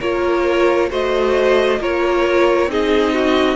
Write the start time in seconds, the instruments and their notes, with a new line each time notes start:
0.00 cello A#3, viola F4, violin A#4 C#5
0.90 cello A3, viola F#4, violin C5 D#5
1.80 cello A#3, viola F4, violin A#4 C#5
2.67 cello C4, viola D#4, violin G#4 D#5
3.14 violin F#4